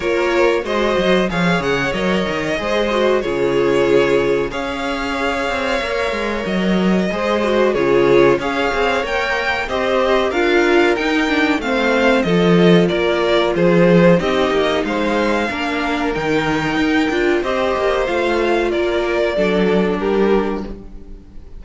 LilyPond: <<
  \new Staff \with { instrumentName = "violin" } { \time 4/4 \tempo 4 = 93 cis''4 dis''4 f''8 fis''8 dis''4~ | dis''4 cis''2 f''4~ | f''2 dis''2 | cis''4 f''4 g''4 dis''4 |
f''4 g''4 f''4 dis''4 | d''4 c''4 dis''4 f''4~ | f''4 g''2 dis''4 | f''4 d''2 ais'4 | }
  \new Staff \with { instrumentName = "violin" } { \time 4/4 ais'4 c''4 cis''2 | c''4 gis'2 cis''4~ | cis''2. c''4 | gis'4 cis''2 c''4 |
ais'2 c''4 a'4 | ais'4 gis'4 g'4 c''4 | ais'2. c''4~ | c''4 ais'4 a'4 g'4 | }
  \new Staff \with { instrumentName = "viola" } { \time 4/4 f'4 fis'4 gis'4 ais'4 | gis'8 fis'8 f'2 gis'4~ | gis'4 ais'2 gis'8 fis'8 | f'4 gis'4 ais'4 g'4 |
f'4 dis'8 d'8 c'4 f'4~ | f'2 dis'2 | d'4 dis'4. f'8 g'4 | f'2 d'2 | }
  \new Staff \with { instrumentName = "cello" } { \time 4/4 ais4 gis8 fis8 f8 cis8 fis8 dis8 | gis4 cis2 cis'4~ | cis'8 c'8 ais8 gis8 fis4 gis4 | cis4 cis'8 c'8 ais4 c'4 |
d'4 dis'4 a4 f4 | ais4 f4 c'8 ais8 gis4 | ais4 dis4 dis'8 d'8 c'8 ais8 | a4 ais4 fis4 g4 | }
>>